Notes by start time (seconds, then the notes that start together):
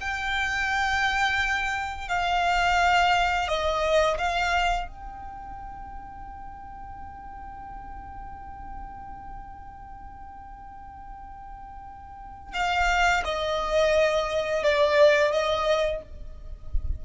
0.00 G5
2.08 F5
3.48 D#5
4.18 F5
4.88 G5
12.54 F5
13.24 D#5
14.63 D5
15.32 D#5